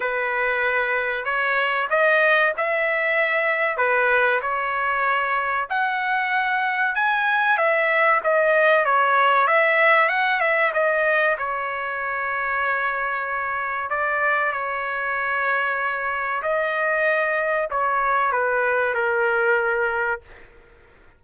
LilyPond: \new Staff \with { instrumentName = "trumpet" } { \time 4/4 \tempo 4 = 95 b'2 cis''4 dis''4 | e''2 b'4 cis''4~ | cis''4 fis''2 gis''4 | e''4 dis''4 cis''4 e''4 |
fis''8 e''8 dis''4 cis''2~ | cis''2 d''4 cis''4~ | cis''2 dis''2 | cis''4 b'4 ais'2 | }